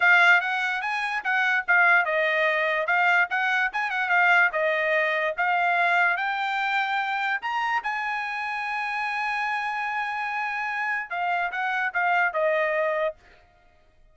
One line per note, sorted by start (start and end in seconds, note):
0.00 0.40 F5
0.40 0.81 F#5
0.81 1.22 G#5
1.23 1.65 F#5
1.67 2.05 F5
2.05 2.86 D#5
2.86 3.27 F5
3.30 3.71 F#5
3.72 3.90 G#5
3.90 4.09 F#5
4.09 4.50 F5
4.52 5.34 D#5
5.37 6.16 F5
6.16 7.40 G5
7.41 7.82 A#5
7.83 11.10 G#5
11.10 11.51 F5
11.51 11.92 F#5
11.93 12.33 F5
12.33 13.15 D#5